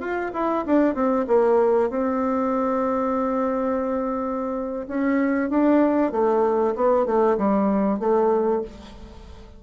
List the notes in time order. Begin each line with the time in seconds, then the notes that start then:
0.00 F4
0.34 E4
0.66 D4
0.95 C4
1.27 A#3
1.90 C4
4.88 C#4
5.50 D4
6.12 A3
6.75 B3
7.06 A3
7.38 G3
7.99 A3